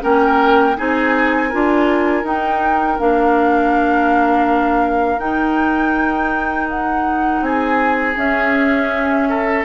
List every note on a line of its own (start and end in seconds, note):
0.00 0.77 A#3
0.00 0.74 C#4
0.00 0.77 A#4
0.00 0.77 G5
0.76 1.54 C4
0.76 1.50 D#4
0.76 1.49 G#4
0.76 2.26 G#5
1.49 2.23 D4
1.49 2.24 F4
1.49 7.42 A#4
2.23 2.97 D#4
2.23 2.98 D#4
2.23 3.00 G5
2.99 5.19 A#3
2.99 5.18 D4
2.99 5.19 F5
5.18 8.14 D#4
5.18 7.41 D#4
5.18 6.68 G5
6.70 7.43 F#5
7.41 8.15 C4
7.41 9.29 G#4
7.41 8.17 G#5
8.16 9.64 C#4
8.16 9.65 C#4
8.16 9.65 E5
9.29 9.65 A4